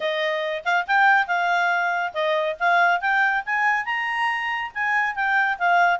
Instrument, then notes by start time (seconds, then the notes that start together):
clarinet
0.00 D#5
0.64 F5
0.87 G5
1.27 F5
2.13 D#5
2.59 F5
3.01 G5
3.45 G#5
3.85 A#5
4.74 G#5
5.15 G5
5.58 F5